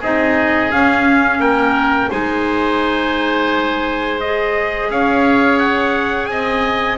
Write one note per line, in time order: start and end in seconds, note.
0.00 0.72 C4
0.00 0.71 D#4
0.00 1.40 G#4
0.00 0.72 D#5
0.71 2.10 C#4
0.71 1.40 C#4
0.71 1.41 F5
1.40 2.09 A#3
1.40 2.10 A#4
1.40 2.11 G5
2.10 4.90 G#3
2.10 4.20 D#4
2.10 4.89 C5
2.10 4.21 G#5
4.21 6.98 G#4
4.21 4.90 D#5
4.90 6.30 C#4
4.90 6.31 C#5
4.90 5.59 F5
5.59 6.26 F#5
6.26 6.98 C4
6.26 6.98 D#5
6.26 6.96 G#5